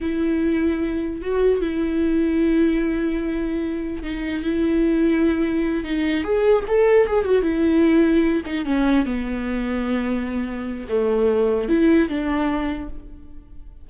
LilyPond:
\new Staff \with { instrumentName = "viola" } { \time 4/4 \tempo 4 = 149 e'2. fis'4 | e'1~ | e'2 dis'4 e'4~ | e'2~ e'8 dis'4 gis'8~ |
gis'8 a'4 gis'8 fis'8 e'4.~ | e'4 dis'8 cis'4 b4.~ | b2. a4~ | a4 e'4 d'2 | }